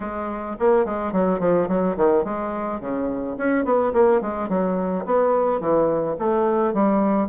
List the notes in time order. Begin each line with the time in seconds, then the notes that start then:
0.00 G#3
0.59 A#3
0.85 G#3
1.12 F#3
1.39 F3
1.68 F#3
1.96 D#3
2.24 G#3
2.80 C#3
3.37 C#4
3.64 B3
3.93 A#3
4.21 G#3
4.49 F#3
5.05 B3
5.60 E3
6.18 A3
6.73 G3